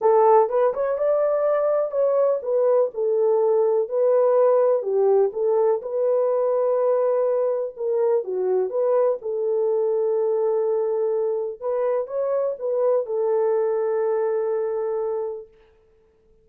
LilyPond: \new Staff \with { instrumentName = "horn" } { \time 4/4 \tempo 4 = 124 a'4 b'8 cis''8 d''2 | cis''4 b'4 a'2 | b'2 g'4 a'4 | b'1 |
ais'4 fis'4 b'4 a'4~ | a'1 | b'4 cis''4 b'4 a'4~ | a'1 | }